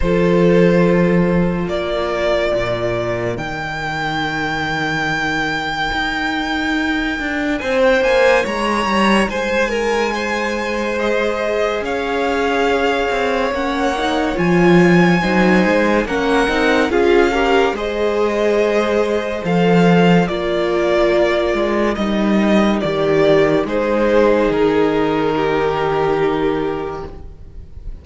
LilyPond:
<<
  \new Staff \with { instrumentName = "violin" } { \time 4/4 \tempo 4 = 71 c''2 d''2 | g''1~ | g''4 gis''16 g''16 gis''8 ais''4 gis''4~ | gis''4 dis''4 f''2 |
fis''4 gis''2 fis''4 | f''4 dis''2 f''4 | d''2 dis''4 d''4 | c''4 ais'2. | }
  \new Staff \with { instrumentName = "violin" } { \time 4/4 a'2 ais'2~ | ais'1~ | ais'4 c''4 cis''4 c''8 ais'8 | c''2 cis''2~ |
cis''2 c''4 ais'4 | gis'8 ais'8 c''2. | ais'1 | gis'2 g'2 | }
  \new Staff \with { instrumentName = "viola" } { \time 4/4 f'1 | dis'1~ | dis'1~ | dis'4 gis'2. |
cis'8 dis'8 f'4 dis'4 cis'8 dis'8 | f'8 g'8 gis'2 a'4 | f'2 dis'4 g'4 | dis'1 | }
  \new Staff \with { instrumentName = "cello" } { \time 4/4 f2 ais4 ais,4 | dis2. dis'4~ | dis'8 d'8 c'8 ais8 gis8 g8 gis4~ | gis2 cis'4. c'8 |
ais4 f4 fis8 gis8 ais8 c'8 | cis'4 gis2 f4 | ais4. gis8 g4 dis4 | gis4 dis2. | }
>>